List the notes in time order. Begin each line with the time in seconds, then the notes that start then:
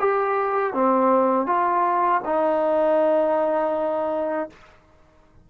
0.00 G4
0.74 C4
1.47 F4
2.25 D#4